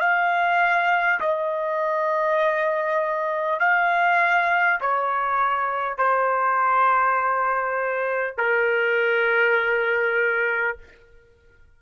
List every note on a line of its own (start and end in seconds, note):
0.00 1.20 F5
1.20 3.59 D#5
3.59 4.79 F5
4.81 5.98 C#5
5.98 8.37 C5
8.37 10.77 A#4